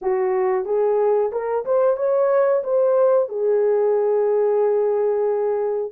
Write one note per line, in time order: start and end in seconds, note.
0.01 0.65 F#4
0.65 1.31 G#4
1.32 1.65 A#4
1.65 1.96 C5
1.96 2.62 C#5
2.63 3.28 C5
3.28 5.92 G#4